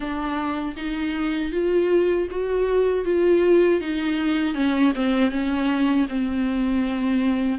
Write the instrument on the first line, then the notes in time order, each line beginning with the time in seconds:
viola
0.00 D4
0.76 D#4
1.52 F4
2.31 F#4
3.04 F4
3.80 D#4
4.54 C#4
4.95 C4
5.30 C#4
6.09 C4